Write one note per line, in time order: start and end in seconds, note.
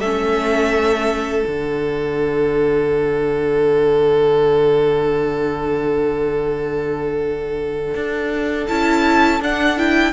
0.00 1.45 A3
0.00 1.47 C#4
0.00 10.13 A4
0.00 1.45 E5
1.45 7.95 D3
1.45 8.69 D4
1.45 8.67 F#5
7.95 8.67 D4
8.68 9.41 C#4
8.68 9.41 E4
8.68 9.41 A5
9.41 10.13 D4
9.41 9.77 D4
9.41 9.79 F#5
9.77 10.13 E4
9.77 10.14 G5